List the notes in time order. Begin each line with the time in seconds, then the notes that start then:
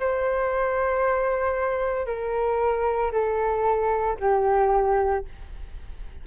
0.00 C5
2.06 A#4
3.12 A4
4.20 G4